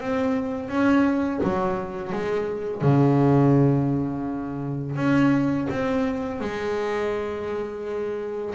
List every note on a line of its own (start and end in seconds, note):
0.00 0.69 C4
0.69 1.40 C#4
1.43 2.12 F#3
2.12 2.81 G#3
2.81 4.96 C#3
4.96 5.67 C#4
5.69 6.40 C4
6.40 8.54 G#3